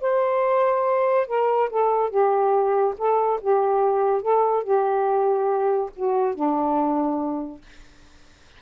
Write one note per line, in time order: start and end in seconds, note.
0.00 1.27 C5
1.27 1.69 A#4
1.69 2.09 A4
2.09 2.94 G4
2.97 3.40 A4
3.41 4.21 G4
4.21 4.63 A4
4.63 5.90 G4
5.95 6.34 F#4
6.34 7.61 D4